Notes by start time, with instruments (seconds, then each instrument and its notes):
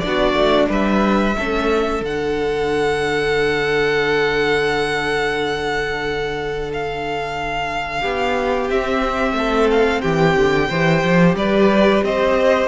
0.00 cello B3, viola D4, violin D5
0.07 violin F#4
0.33 cello A3
0.69 cello G3, violin B4 E5
1.38 cello A3, viola C#4, violin A4
2.01 cello D3, viola D4, violin F#5
6.73 violin F5
8.00 cello B3, violin G4
8.70 cello C4, viola C4, violin E5
9.32 cello A3, violin A4
9.71 violin F5
10.01 cello E3, violin G4 G5
10.36 cello D3
10.69 cello E3, viola G4, violin C5
11.03 cello F3
11.34 cello G3, violin B4 D5
12.03 cello C4, violin C5 D#5